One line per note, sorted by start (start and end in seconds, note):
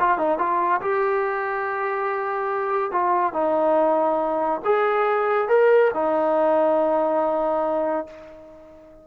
0.00 0.19 F4
0.19 0.39 D#4
0.39 0.81 F4
0.82 2.92 G4
2.92 3.34 F4
3.34 4.61 D#4
4.65 5.49 G#4
5.49 5.92 A#4
5.94 8.07 D#4